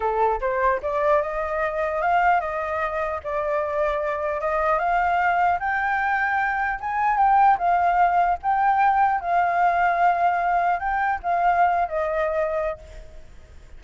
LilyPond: \new Staff \with { instrumentName = "flute" } { \time 4/4 \tempo 4 = 150 a'4 c''4 d''4 dis''4~ | dis''4 f''4 dis''2 | d''2. dis''4 | f''2 g''2~ |
g''4 gis''4 g''4 f''4~ | f''4 g''2 f''4~ | f''2. g''4 | f''4.~ f''16 dis''2~ dis''16 | }